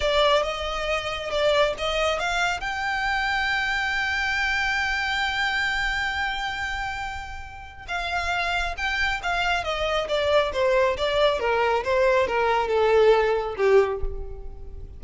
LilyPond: \new Staff \with { instrumentName = "violin" } { \time 4/4 \tempo 4 = 137 d''4 dis''2 d''4 | dis''4 f''4 g''2~ | g''1~ | g''1~ |
g''2 f''2 | g''4 f''4 dis''4 d''4 | c''4 d''4 ais'4 c''4 | ais'4 a'2 g'4 | }